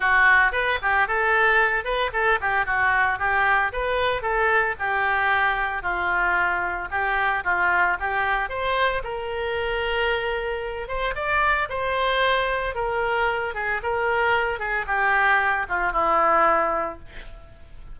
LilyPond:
\new Staff \with { instrumentName = "oboe" } { \time 4/4 \tempo 4 = 113 fis'4 b'8 g'8 a'4. b'8 | a'8 g'8 fis'4 g'4 b'4 | a'4 g'2 f'4~ | f'4 g'4 f'4 g'4 |
c''4 ais'2.~ | ais'8 c''8 d''4 c''2 | ais'4. gis'8 ais'4. gis'8 | g'4. f'8 e'2 | }